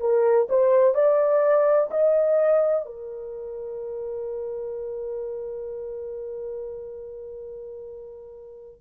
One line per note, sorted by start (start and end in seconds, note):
0.00 0.48 A#4
0.49 0.94 C5
0.94 1.90 D5
1.91 2.86 D#5
2.86 8.81 A#4